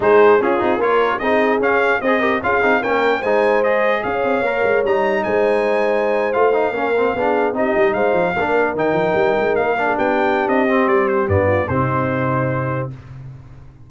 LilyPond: <<
  \new Staff \with { instrumentName = "trumpet" } { \time 4/4 \tempo 4 = 149 c''4 gis'4 cis''4 dis''4 | f''4 dis''4 f''4 g''4 | gis''4 dis''4 f''2 | ais''4 gis''2~ gis''8. f''16~ |
f''2~ f''8. dis''4 f''16~ | f''4.~ f''16 g''2 f''16~ | f''8. g''4~ g''16 dis''4 d''8 c''8 | d''4 c''2. | }
  \new Staff \with { instrumentName = "horn" } { \time 4/4 gis'4 f'4 ais'4 gis'4~ | gis'4 c''8 ais'8 gis'4 ais'4 | c''2 cis''2~ | cis''4 c''2.~ |
c''8. ais'4 gis'4 g'4 c''16~ | c''8. ais'2.~ ais'16~ | ais'8 gis'16 g'2.~ g'16~ | g'8 f'8 dis'2. | }
  \new Staff \with { instrumentName = "trombone" } { \time 4/4 dis'4 cis'8 dis'8 f'4 dis'4 | cis'4 gis'8 g'8 f'8 dis'8 cis'4 | dis'4 gis'2 ais'4 | dis'2.~ dis'8. f'16~ |
f'16 dis'8 cis'8 c'8 d'4 dis'4~ dis'16~ | dis'8. d'4 dis'2~ dis'16~ | dis'16 d'2~ d'16 c'4. | b4 c'2. | }
  \new Staff \with { instrumentName = "tuba" } { \time 4/4 gis4 cis'8 c'8 ais4 c'4 | cis'4 c'4 cis'8 c'8 ais4 | gis2 cis'8 c'8 ais8 gis8 | g4 gis2~ gis8. a16~ |
a8. ais4 b4 c'8 g8 gis16~ | gis16 f8 ais4 dis8 f8 g8 gis8 ais16~ | ais8. b4~ b16 c'4 g4 | g,4 c2. | }
>>